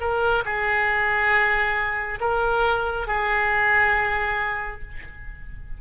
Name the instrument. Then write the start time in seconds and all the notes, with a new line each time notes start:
oboe
0.00 A#4
0.45 G#4
2.20 A#4
3.07 G#4